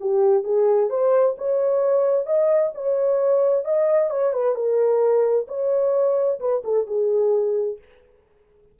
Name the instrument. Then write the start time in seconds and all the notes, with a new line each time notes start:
horn
0.00 G4
0.44 G#4
0.90 C5
1.37 C#5
2.26 D#5
2.74 C#5
3.64 D#5
4.10 C#5
4.33 B4
4.54 A#4
5.48 C#5
6.39 B4
6.64 A4
6.86 G#4